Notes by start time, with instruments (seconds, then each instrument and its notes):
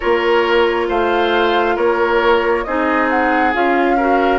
0.00 bassoon A#3, clarinet F4, oboe A#4, flute C#5
0.88 bassoon A3, oboe C5, flute F5
1.75 bassoon A#3, oboe A#4, flute C#5
2.64 bassoon C4, clarinet D#4, oboe G#4, flute D#5
3.09 flute F#5
3.53 bassoon C#4, clarinet F4, flute F5
3.97 clarinet F#4, oboe A#4